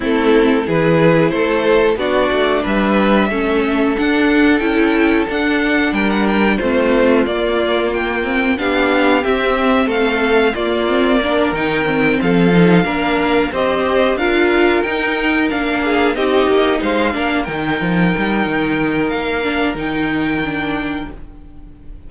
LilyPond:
<<
  \new Staff \with { instrumentName = "violin" } { \time 4/4 \tempo 4 = 91 a'4 b'4 c''4 d''4 | e''2 fis''4 g''4 | fis''4 g''16 fis''16 g''8 c''4 d''4 | g''4 f''4 e''4 f''4 |
d''4. g''4 f''4.~ | f''8 dis''4 f''4 g''4 f''8~ | f''8 dis''4 f''4 g''4.~ | g''4 f''4 g''2 | }
  \new Staff \with { instrumentName = "violin" } { \time 4/4 e'4 gis'4 a'4 fis'4 | b'4 a'2.~ | a'4 ais'4 f'2~ | f'4 g'2 a'4 |
f'4 ais'4. a'4 ais'8~ | ais'8 c''4 ais'2~ ais'8 | gis'8 g'4 c''8 ais'2~ | ais'1 | }
  \new Staff \with { instrumentName = "viola" } { \time 4/4 c'4 e'2 d'4~ | d'4 cis'4 d'4 e'4 | d'2 c'4 ais4~ | ais8 c'8 d'4 c'2 |
ais8 c'8 d'8 dis'8 c'4 dis'8 d'8~ | d'8 g'4 f'4 dis'4 d'8~ | d'8 dis'4. d'8 dis'4.~ | dis'4. d'8 dis'4 d'4 | }
  \new Staff \with { instrumentName = "cello" } { \time 4/4 a4 e4 a4 b8 a8 | g4 a4 d'4 cis'4 | d'4 g4 a4 ais4~ | ais4 b4 c'4 a4 |
ais4. dis4 f4 ais8~ | ais8 c'4 d'4 dis'4 ais8~ | ais8 c'8 ais8 gis8 ais8 dis8 f8 g8 | dis4 ais4 dis2 | }
>>